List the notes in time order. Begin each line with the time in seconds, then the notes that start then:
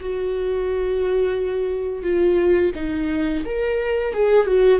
0.00 F#4
2.03 F4
2.75 D#4
3.45 A#4
4.13 G#4
4.47 F#4